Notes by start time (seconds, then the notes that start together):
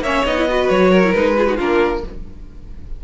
0.00 A#3 C#4 C#5 E5
0.25 B3 D#4 D#5
0.38 E4
0.48 F#4 B4
0.69 F#3 C#5
0.91 A#4
1.05 E4
1.13 G#3 D#4 B4
1.37 F4 G#4
1.47 D#4 F#4
1.57 A#3 D4 F4 A#4